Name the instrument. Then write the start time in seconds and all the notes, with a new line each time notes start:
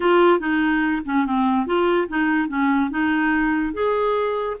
clarinet
0.00 F4
0.39 D#4
1.05 C#4
1.25 C4
1.66 F4
2.08 D#4
2.48 C#4
2.90 D#4
3.73 G#4